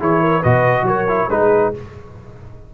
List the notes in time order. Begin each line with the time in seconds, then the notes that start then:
0.00 E3 E4 G#4 C#5
0.21 A#4
0.40 B2 F#4 B4 D#5
0.83 F#3 A#4 C#5
1.08 E4
1.30 G#3 D#4 G#4 B4